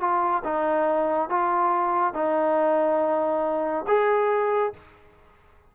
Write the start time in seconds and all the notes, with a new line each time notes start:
0.00 F4
0.44 D#4
1.29 F4
2.14 D#4
3.87 G#4